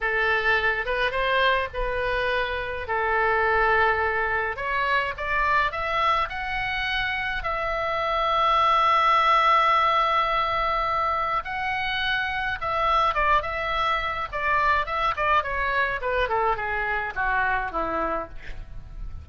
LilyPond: \new Staff \with { instrumentName = "oboe" } { \time 4/4 \tempo 4 = 105 a'4. b'8 c''4 b'4~ | b'4 a'2. | cis''4 d''4 e''4 fis''4~ | fis''4 e''2.~ |
e''1 | fis''2 e''4 d''8 e''8~ | e''4 d''4 e''8 d''8 cis''4 | b'8 a'8 gis'4 fis'4 e'4 | }